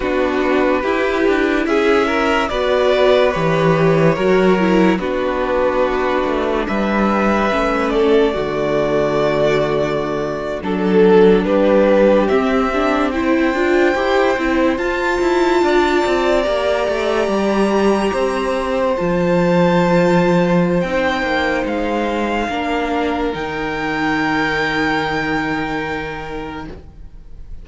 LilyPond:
<<
  \new Staff \with { instrumentName = "violin" } { \time 4/4 \tempo 4 = 72 b'2 e''4 d''4 | cis''2 b'2 | e''4. d''2~ d''8~ | d''8. a'4 b'4 e''4 g''16~ |
g''4.~ g''16 a''2 ais''16~ | ais''2~ ais''8. a''4~ a''16~ | a''4 g''4 f''2 | g''1 | }
  \new Staff \with { instrumentName = "violin" } { \time 4/4 fis'4 g'4 gis'8 ais'8 b'4~ | b'4 ais'4 fis'2 | b'4. a'8 fis'2~ | fis'8. a'4 g'2 c''16~ |
c''2~ c''8. d''4~ d''16~ | d''4.~ d''16 c''2~ c''16~ | c''2. ais'4~ | ais'1 | }
  \new Staff \with { instrumentName = "viola" } { \time 4/4 d'4 e'2 fis'4 | g'4 fis'8 e'8 d'2~ | d'4 cis'4 a2~ | a8. d'2 c'8 d'8 e'16~ |
e'16 f'8 g'8 e'8 f'2 g'16~ | g'2~ g'8. f'4~ f'16~ | f'4 dis'2 d'4 | dis'1 | }
  \new Staff \with { instrumentName = "cello" } { \time 4/4 b4 e'8 d'8 cis'4 b4 | e4 fis4 b4. a8 | g4 a4 d2~ | d8. fis4 g4 c'4~ c'16~ |
c'16 d'8 e'8 c'8 f'8 e'8 d'8 c'8 ais16~ | ais16 a8 g4 c'4 f4~ f16~ | f4 c'8 ais8 gis4 ais4 | dis1 | }
>>